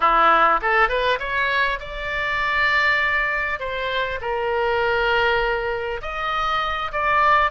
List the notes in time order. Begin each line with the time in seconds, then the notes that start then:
0.00 E4
0.61 A4
0.88 B4
1.19 C#5
1.79 D5
3.59 C5
4.21 A#4
6.01 D#5
6.92 D5